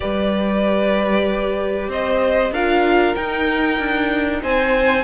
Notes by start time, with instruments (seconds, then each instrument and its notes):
0.00 cello G3, viola G4, violin B4 D5
1.88 cello C4, violin C5 D#5
2.51 cello D4, viola F4, violin A#4 F5
3.15 viola D#4, cello D#4, violin G5
3.78 cello D4
4.42 cello C4, violin C5 G#5